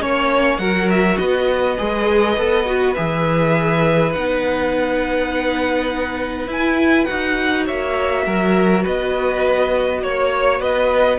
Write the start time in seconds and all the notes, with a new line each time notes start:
0.00 A#3 C#4 C#5
0.58 F#3 F#4 A#4 F#5
0.89 E5
1.17 B3 B4 D#5
1.78 G#3 G#4
2.37 B3 A4
2.65 F#4
2.94 E3 G#4 E5
4.13 B3 D#4 F#5
6.47 E4 G#5
7.05 D#4 F#4 F#5
7.65 A#3 C#5 E5
8.26 F#3 A#4
8.83 B3 B4 D#5
10.02 A#3 C#5
10.60 B3 B4 D#5